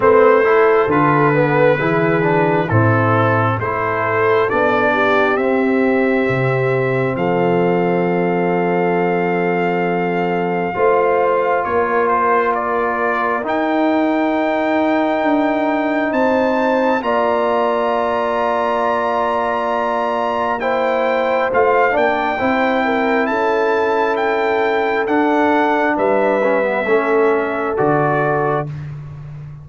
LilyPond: <<
  \new Staff \with { instrumentName = "trumpet" } { \time 4/4 \tempo 4 = 67 c''4 b'2 a'4 | c''4 d''4 e''2 | f''1~ | f''4 cis''8 c''8 d''4 g''4~ |
g''2 a''4 ais''4~ | ais''2. g''4 | f''8 g''4. a''4 g''4 | fis''4 e''2 d''4 | }
  \new Staff \with { instrumentName = "horn" } { \time 4/4 b'8 a'4. gis'4 e'4 | a'4. g'2~ g'8 | a'1 | c''4 ais'2.~ |
ais'2 c''4 d''4~ | d''2. c''4~ | c''8 d''8 c''8 ais'8 a'2~ | a'4 b'4 a'2 | }
  \new Staff \with { instrumentName = "trombone" } { \time 4/4 c'8 e'8 f'8 b8 e'8 d'8 c'4 | e'4 d'4 c'2~ | c'1 | f'2. dis'4~ |
dis'2. f'4~ | f'2. e'4 | f'8 d'8 e'2. | d'4. cis'16 b16 cis'4 fis'4 | }
  \new Staff \with { instrumentName = "tuba" } { \time 4/4 a4 d4 e4 a,4 | a4 b4 c'4 c4 | f1 | a4 ais2 dis'4~ |
dis'4 d'4 c'4 ais4~ | ais1 | a8 ais8 c'4 cis'2 | d'4 g4 a4 d4 | }
>>